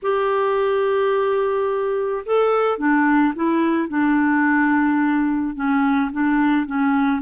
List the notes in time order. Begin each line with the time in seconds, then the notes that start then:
0.02 G4
2.25 A4
2.78 D4
3.35 E4
3.88 D4
5.55 C#4
6.12 D4
6.66 C#4